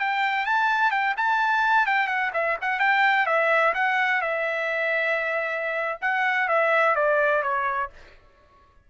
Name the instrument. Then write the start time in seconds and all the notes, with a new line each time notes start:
trumpet
0.00 G5
0.46 A5
0.91 G5
1.17 A5
1.87 G5
2.08 F#5
2.34 E5
2.62 F#5
2.80 G5
3.27 E5
3.75 F#5
4.22 E5
6.02 F#5
6.49 E5
6.96 D5
7.43 C#5